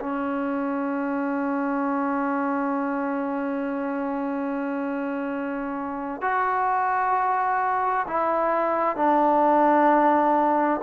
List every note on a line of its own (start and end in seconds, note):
0.00 6.21 C#4
6.21 8.06 F#4
8.07 8.96 E4
8.96 10.81 D4